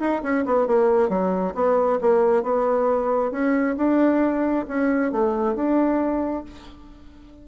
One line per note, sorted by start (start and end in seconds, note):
0.00 0.22 D#4
0.23 0.45 C#4
0.46 0.67 B3
0.67 1.09 A#3
1.09 1.54 F#3
1.55 1.99 B3
2.01 2.43 A#3
2.43 3.32 B3
3.32 3.76 C#4
3.77 4.66 D4
4.68 5.12 C#4
5.12 5.55 A3
5.55 6.44 D4